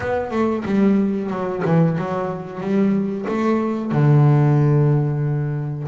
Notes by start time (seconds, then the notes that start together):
0.00 B3
0.31 A3
0.65 G3
1.30 F#3
1.65 E3
1.97 F#3
2.60 G3
3.28 A3
3.91 D3